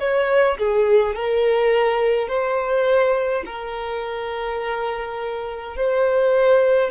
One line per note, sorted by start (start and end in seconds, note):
0.00 0.58 C#5
0.59 1.15 G#4
1.15 2.29 A#4
2.29 3.44 C5
3.46 5.77 A#4
5.77 6.91 C5